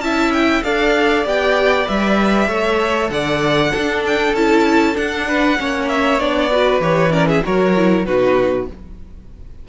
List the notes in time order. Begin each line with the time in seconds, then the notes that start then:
0.00 C#4 E4 E5 A5
0.34 G5
0.64 D4 A4 D5 F5
1.25 B3 G4 G5
1.86 G3 B4 E5
2.47 A3 A4 C#5
3.11 D3 D5 F#5
3.72 D4 A4
4.07 G5
4.34 C#4 E4 A5
4.95 D4 F#5
5.28 B4
5.58 A#3 C#4 C#5
5.89 E5
6.20 B3 D4 D5
6.52 F#4 B4
6.80 E3 G4 C#5
7.11 C#4 A#4 D5
7.28 G#4 E5
7.44 F#3 F#4 A#4 C#5
7.76 E4
8.06 B2 D#4 F#4 B4